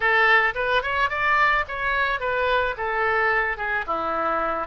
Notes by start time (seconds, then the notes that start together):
0.00 A4
0.55 B4
0.82 C#5
1.09 D5
1.67 C#5
2.20 B4
2.77 A4
3.57 G#4
3.87 E4